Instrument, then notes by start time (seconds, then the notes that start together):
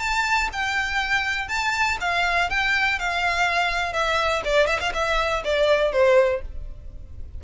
violin
0.00 A5
0.53 G5
1.48 A5
2.01 F5
2.50 G5
2.99 F5
3.93 E5
4.45 D5
4.67 E5
4.80 F5
4.94 E5
5.45 D5
5.93 C5